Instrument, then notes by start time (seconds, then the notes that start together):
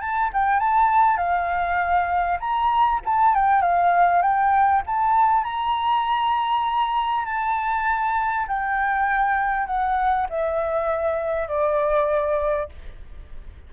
flute
0.00 A5
0.33 G5
0.60 A5
1.17 F5
2.40 A#5
3.05 A5
3.35 G5
3.61 F5
4.22 G5
4.87 A5
5.44 A#5
7.25 A5
8.47 G5
9.66 F#5
10.29 E5
11.48 D5